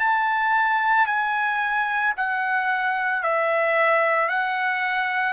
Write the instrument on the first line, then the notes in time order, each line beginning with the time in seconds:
trumpet
0.00 A5
1.07 G#5
2.17 F#5
3.23 E5
4.30 F#5